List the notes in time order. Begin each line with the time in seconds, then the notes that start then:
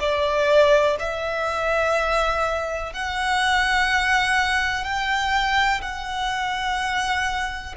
0.00 D5
0.99 E5
2.93 F#5
4.84 G5
5.82 F#5